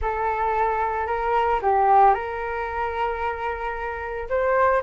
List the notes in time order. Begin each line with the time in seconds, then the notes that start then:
0.01 A4
1.06 A#4
1.61 G4
2.14 A#4
4.29 C5